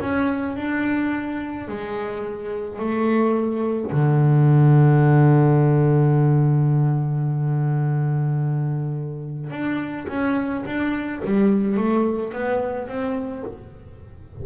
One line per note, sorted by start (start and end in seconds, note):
0.00 0.56 C#4
0.56 1.68 D4
1.68 2.79 G#3
2.79 3.92 A3
3.92 9.51 D3
9.51 10.07 D4
10.08 10.64 C#4
10.66 11.22 D4
11.25 11.77 G3
11.77 12.33 A3
12.33 12.88 B3
12.88 13.44 C4